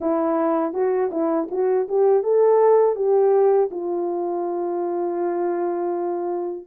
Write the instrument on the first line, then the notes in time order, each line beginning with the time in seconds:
horn
0.00 E4
0.73 F#4
1.11 E4
1.50 F#4
1.88 G4
2.23 A4
2.95 G4
3.70 F4